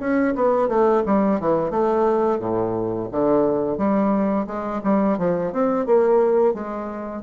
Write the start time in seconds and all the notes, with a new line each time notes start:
0.00 C#4
0.35 B3
0.68 A3
1.06 G3
1.40 E3
1.71 A3
2.39 A2
3.12 D3
3.78 G3
4.47 G#3
4.84 G3
5.18 F3
5.52 C4
5.86 A#3
6.54 G#3